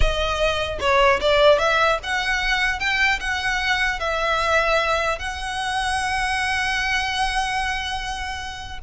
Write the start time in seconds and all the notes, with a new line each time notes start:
0.00 D#5
0.80 C#5
1.20 D5
1.58 E5
2.03 F#5
2.79 G5
3.20 F#5
3.99 E5
5.18 F#5